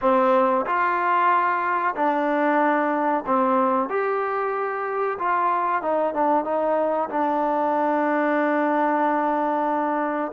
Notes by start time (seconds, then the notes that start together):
0.01 C4
0.65 F4
1.95 D4
3.26 C4
3.89 G4
5.18 F4
5.82 D#4
6.14 D4
6.44 D#4
7.09 D4